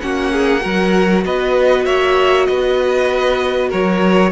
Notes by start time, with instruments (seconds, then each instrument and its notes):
0.00 cello A#3, viola C#4, violin F#4 F#5
0.32 violin G#4
0.61 cello F#3, viola F#4, violin A#4
1.25 cello B3, violin B4 D#5
1.85 cello A#3, violin C#5 E5
2.46 cello B3, violin B4 D#5
3.69 cello F#3, violin A#4 C#5